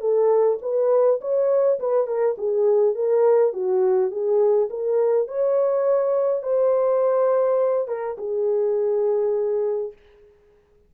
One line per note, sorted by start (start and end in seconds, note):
0.00 0.58 A4
0.62 1.20 B4
1.21 1.79 C#5
1.80 2.07 B4
2.07 2.36 A#4
2.38 2.95 G#4
2.95 3.53 A#4
3.53 4.11 F#4
4.11 4.69 G#4
4.70 5.28 A#4
5.28 6.43 C#5
6.43 7.88 C5
7.88 8.17 A#4
8.18 9.92 G#4